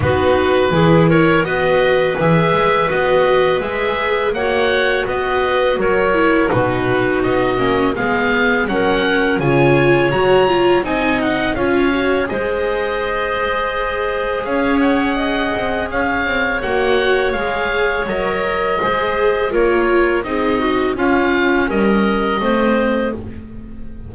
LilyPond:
<<
  \new Staff \with { instrumentName = "oboe" } { \time 4/4 \tempo 4 = 83 b'4. cis''8 dis''4 e''4 | dis''4 e''4 fis''4 dis''4 | cis''4 b'4 dis''4 f''4 | fis''4 gis''4 ais''4 gis''8 fis''8 |
f''4 dis''2. | f''8 fis''4. f''4 fis''4 | f''4 dis''2 cis''4 | dis''4 f''4 dis''2 | }
  \new Staff \with { instrumentName = "clarinet" } { \time 4/4 fis'4 gis'8 ais'8 b'2~ | b'2 cis''4 b'4 | ais'4 fis'2 gis'4 | ais'4 cis''2 dis''4 |
cis''4 c''2. | cis''4 dis''4 cis''2~ | cis''2 c''4 ais'4 | gis'8 fis'8 f'4 ais'4 c''4 | }
  \new Staff \with { instrumentName = "viola" } { \time 4/4 dis'4 e'4 fis'4 gis'4 | fis'4 gis'4 fis'2~ | fis'8 e'8 dis'4. cis'8 b4 | cis'4 f'4 fis'8 f'8 dis'4 |
f'8 fis'8 gis'2.~ | gis'2. fis'4 | gis'4 ais'4 gis'4 f'4 | dis'4 cis'2 c'4 | }
  \new Staff \with { instrumentName = "double bass" } { \time 4/4 b4 e4 b4 e8 gis8 | b4 gis4 ais4 b4 | fis4 b,4 b8 ais8 gis4 | fis4 cis4 fis4 c'4 |
cis'4 gis2. | cis'4. c'8 cis'8 c'8 ais4 | gis4 fis4 gis4 ais4 | c'4 cis'4 g4 a4 | }
>>